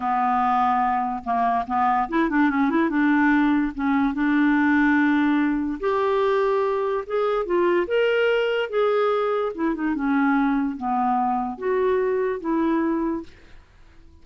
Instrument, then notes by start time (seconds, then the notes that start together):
clarinet
0.00 B3
1.23 A#3
1.66 B3
2.09 E4
2.29 D4
2.50 C#4
2.70 E4
2.89 D4
3.74 C#4
4.13 D4
5.80 G4
7.06 G#4
7.45 F4
7.87 A#4
8.69 G#4
9.55 E4
9.74 D#4
9.94 C#4
10.76 B3
11.57 F#4
12.40 E4